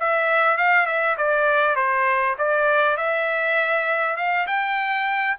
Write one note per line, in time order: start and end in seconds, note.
0.00 0.58 E5
0.58 0.86 F5
0.86 1.16 E5
1.18 1.76 D5
1.76 2.36 C5
2.39 2.98 D5
2.98 4.17 E5
4.17 4.47 F5
4.48 5.38 G5